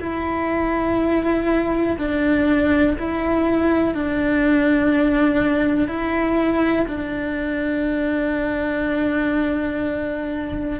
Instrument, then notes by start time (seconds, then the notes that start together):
cello
0.00 E4
1.98 D4
2.98 E4
3.94 D4
5.87 E4
6.87 D4